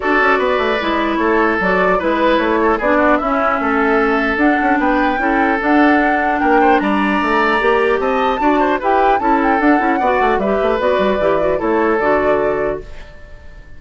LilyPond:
<<
  \new Staff \with { instrumentName = "flute" } { \time 4/4 \tempo 4 = 150 d''2. cis''4 | d''4 b'4 cis''4 d''4 | e''2. fis''4 | g''2 fis''2 |
g''4 ais''2. | a''2 g''4 a''8 g''8 | fis''2 e''4 d''4~ | d''4 cis''4 d''2 | }
  \new Staff \with { instrumentName = "oboe" } { \time 4/4 a'4 b'2 a'4~ | a'4 b'4. a'8 gis'8 fis'8 | e'4 a'2. | b'4 a'2. |
ais'8 c''8 d''2. | dis''4 d''8 c''8 b'4 a'4~ | a'4 d''4 b'2~ | b'4 a'2. | }
  \new Staff \with { instrumentName = "clarinet" } { \time 4/4 fis'2 e'2 | fis'4 e'2 d'4 | cis'2. d'4~ | d'4 e'4 d'2~ |
d'2. g'4~ | g'4 fis'4 g'4 e'4 | d'8 e'8 fis'4 g'4 fis'4 | g'8 fis'8 e'4 fis'2 | }
  \new Staff \with { instrumentName = "bassoon" } { \time 4/4 d'8 cis'8 b8 a8 gis4 a4 | fis4 gis4 a4 b4 | cis'4 a2 d'8 cis'8 | b4 cis'4 d'2 |
ais4 g4 a4 ais4 | c'4 d'4 e'4 cis'4 | d'8 cis'8 b8 a8 g8 a8 b8 g8 | e4 a4 d2 | }
>>